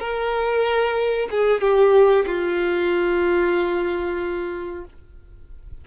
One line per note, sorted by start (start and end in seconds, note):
0.00 1.29 A#4
1.31 1.61 G#4
1.61 2.26 G4
2.27 4.85 F4